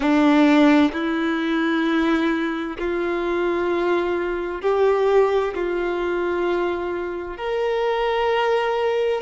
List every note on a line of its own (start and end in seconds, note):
0.00 0.91 D4
0.92 2.77 E4
2.78 4.62 F4
4.62 5.54 G4
5.54 7.37 F4
7.37 9.21 A#4